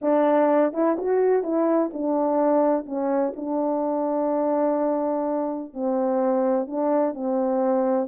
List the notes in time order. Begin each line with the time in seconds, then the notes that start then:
0.01 D4
0.73 E4
0.98 F#4
1.43 E4
1.93 D4
2.85 C#4
3.35 D4
5.73 C4
6.67 D4
7.14 C4